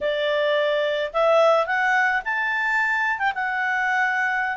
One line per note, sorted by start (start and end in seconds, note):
0.00 1.11 D5
1.13 1.66 E5
1.66 2.21 F#5
2.24 3.18 A5
3.18 3.32 G5
3.34 4.57 F#5